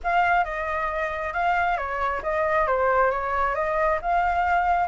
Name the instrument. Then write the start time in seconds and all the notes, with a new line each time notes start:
flute
0.03 F5
0.44 D#5
1.33 F5
1.77 C#5
2.22 D#5
2.67 C5
3.10 C#5
3.54 D#5
4.01 F5